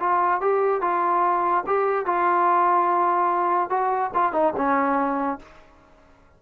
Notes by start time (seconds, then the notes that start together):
0.00 F4
0.41 G4
0.82 F4
1.67 G4
2.06 F4
3.70 F#4
4.14 F4
4.33 D#4
4.57 C#4